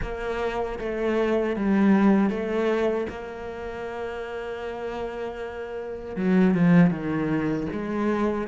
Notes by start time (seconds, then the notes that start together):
0.02 A#3
0.79 A3
1.56 G3
2.29 A3
3.09 A#3
6.15 F#3
6.54 F3
6.90 D#3
7.72 G#3